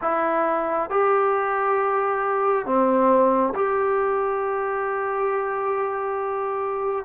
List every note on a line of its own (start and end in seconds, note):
0.01 0.89 E4
0.89 2.65 G4
2.65 3.53 C4
3.55 7.05 G4